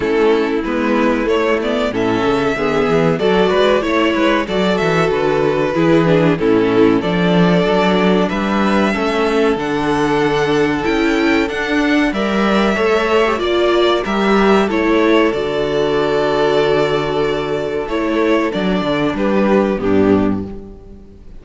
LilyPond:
<<
  \new Staff \with { instrumentName = "violin" } { \time 4/4 \tempo 4 = 94 a'4 b'4 cis''8 d''8 e''4~ | e''4 d''4 cis''4 d''8 e''8 | b'2 a'4 d''4~ | d''4 e''2 fis''4~ |
fis''4 g''4 fis''4 e''4~ | e''4 d''4 e''4 cis''4 | d''1 | cis''4 d''4 b'4 g'4 | }
  \new Staff \with { instrumentName = "violin" } { \time 4/4 e'2. a'4 | gis'4 a'8 b'8 cis''8 b'8 a'4~ | a'4 gis'4 e'4 a'4~ | a'4 b'4 a'2~ |
a'2. d''4 | cis''4 d''4 ais'4 a'4~ | a'1~ | a'2 g'4 d'4 | }
  \new Staff \with { instrumentName = "viola" } { \time 4/4 cis'4 b4 a8 b8 cis'4 | b4 fis'4 e'4 fis'4~ | fis'4 e'8 d'8 cis'4 d'4~ | d'2 cis'4 d'4~ |
d'4 e'4 d'4 ais'4 | a'8. g'16 f'4 g'4 e'4 | fis'1 | e'4 d'2 b4 | }
  \new Staff \with { instrumentName = "cello" } { \time 4/4 a4 gis4 a4 a,8 cis8 | d8 e8 fis8 gis8 a8 gis8 fis8 e8 | d4 e4 a,4 f4 | fis4 g4 a4 d4~ |
d4 cis'4 d'4 g4 | a4 ais4 g4 a4 | d1 | a4 fis8 d8 g4 g,4 | }
>>